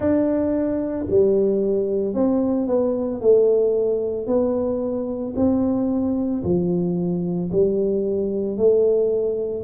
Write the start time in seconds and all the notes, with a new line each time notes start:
0.00 D4
1.10 G3
2.14 C4
2.67 B3
3.20 A3
4.27 B3
5.36 C4
6.43 F3
7.51 G3
8.57 A3